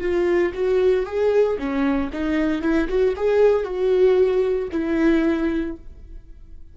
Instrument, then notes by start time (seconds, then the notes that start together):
viola
0.00 F4
0.54 F#4
1.05 G#4
1.58 C#4
2.12 D#4
2.62 E4
2.88 F#4
3.16 G#4
3.64 F#4
4.71 E4